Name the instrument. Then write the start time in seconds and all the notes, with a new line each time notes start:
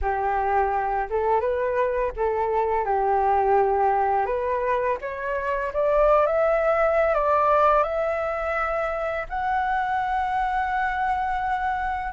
flute
0.01 G4
1.09 A4
1.40 B4
2.16 A4
2.84 G4
4.26 B4
5.01 C#5
5.73 D5
6.26 E5
7.14 D5
7.83 E5
9.29 F#5